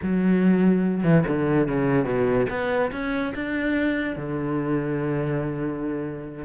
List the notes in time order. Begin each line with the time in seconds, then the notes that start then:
0.02 F#3
1.03 E3
1.27 D3
1.67 C#3
2.04 B2
2.49 B3
2.91 C#4
3.34 D4
4.16 D3